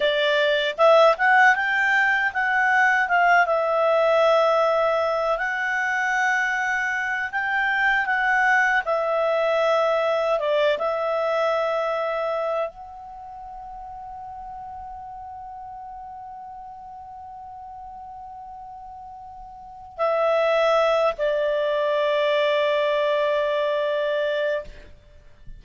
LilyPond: \new Staff \with { instrumentName = "clarinet" } { \time 4/4 \tempo 4 = 78 d''4 e''8 fis''8 g''4 fis''4 | f''8 e''2~ e''8 fis''4~ | fis''4. g''4 fis''4 e''8~ | e''4. d''8 e''2~ |
e''8 fis''2.~ fis''8~ | fis''1~ | fis''2 e''4. d''8~ | d''1 | }